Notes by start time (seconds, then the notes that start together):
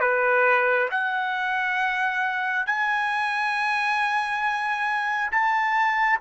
0.00 B4
0.91 F#5
2.66 G#5
5.31 A5